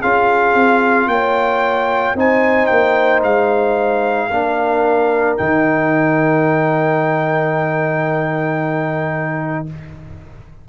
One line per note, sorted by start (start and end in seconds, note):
0.00 0.54 C#4
0.00 2.15 F4
0.00 1.07 G#4
0.00 1.08 F5
0.54 1.06 C4
1.06 2.13 A#3
1.06 2.18 C#5
1.06 2.15 G5
2.14 2.68 C4
2.14 4.30 D#4
2.14 4.29 C5
2.14 2.66 G#5
2.66 3.23 A#3
2.66 3.19 G5
3.23 4.30 G#3
3.23 5.37 F5
4.29 5.38 A#3
4.29 5.37 D4
4.29 9.65 A#4
5.37 9.68 D#3
5.37 9.66 D#4
5.37 9.65 G5